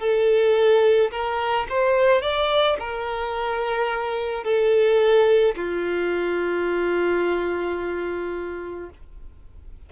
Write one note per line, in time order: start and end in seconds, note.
0.00 1.11 A4
1.12 1.67 A#4
1.70 2.22 C5
2.22 2.77 D5
2.80 4.44 A#4
4.44 5.56 A4
5.57 8.90 F4